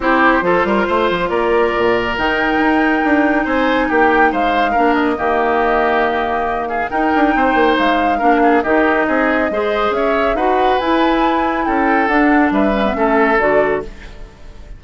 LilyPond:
<<
  \new Staff \with { instrumentName = "flute" } { \time 4/4 \tempo 4 = 139 c''2. d''4~ | d''4 g''2. | gis''4 g''4 f''4. dis''8~ | dis''2.~ dis''8 f''8 |
g''2 f''2 | dis''2. e''4 | fis''4 gis''2 g''4 | fis''4 e''2 d''4 | }
  \new Staff \with { instrumentName = "oboe" } { \time 4/4 g'4 a'8 ais'8 c''4 ais'4~ | ais'1 | c''4 g'4 c''4 ais'4 | g'2.~ g'8 gis'8 |
ais'4 c''2 ais'8 gis'8 | g'4 gis'4 c''4 cis''4 | b'2. a'4~ | a'4 b'4 a'2 | }
  \new Staff \with { instrumentName = "clarinet" } { \time 4/4 e'4 f'2.~ | f'4 dis'2.~ | dis'2. d'4 | ais1 |
dis'2. d'4 | dis'2 gis'2 | fis'4 e'2. | d'4. cis'16 b16 cis'4 fis'4 | }
  \new Staff \with { instrumentName = "bassoon" } { \time 4/4 c'4 f8 g8 a8 f8 ais4 | ais,4 dis4 dis'4 d'4 | c'4 ais4 gis4 ais4 | dis1 |
dis'8 d'8 c'8 ais8 gis4 ais4 | dis4 c'4 gis4 cis'4 | dis'4 e'2 cis'4 | d'4 g4 a4 d4 | }
>>